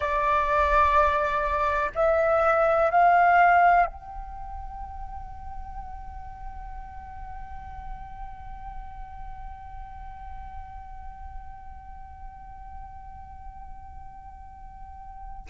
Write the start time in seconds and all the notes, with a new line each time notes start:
0.00 D5
1.94 E5
2.90 F5
3.86 G5